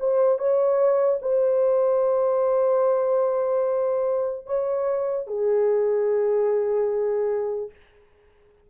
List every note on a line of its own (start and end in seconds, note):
0.00 0.38 C5
0.38 1.19 C#5
1.22 4.46 C5
4.46 5.27 C#5
5.27 7.70 G#4